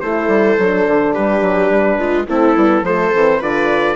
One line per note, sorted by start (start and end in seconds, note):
0.00 0.27 A3
0.00 0.58 E4
0.00 1.13 A4
0.00 1.13 C5
0.27 0.55 G3
0.58 0.86 F#3
0.58 2.28 D4
0.87 1.15 D3
1.13 1.41 G3
1.13 1.98 G4
1.13 2.27 B4
1.41 1.69 F#3
1.69 1.98 G3
1.98 2.26 G#3
1.98 2.27 F4
2.27 2.56 A3
2.27 2.55 C4
2.27 2.84 E4
2.27 2.85 A4
2.55 2.82 G3
2.55 2.84 B3
2.82 3.10 F3
2.82 3.13 A3
2.82 3.39 A4
2.82 3.42 C5
3.13 3.41 E3
3.13 3.40 C4
3.39 3.96 D3
3.39 3.96 F4
3.39 3.96 B4
3.39 3.96 D5